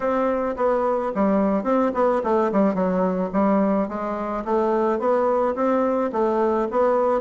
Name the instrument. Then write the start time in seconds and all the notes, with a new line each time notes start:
bassoon
0.00 C4
0.56 B3
1.14 G3
1.63 C4
1.94 B3
2.23 A3
2.52 G3
2.74 F#3
3.33 G3
3.88 G#3
4.44 A3
4.99 B3
5.55 C4
6.12 A3
6.70 B3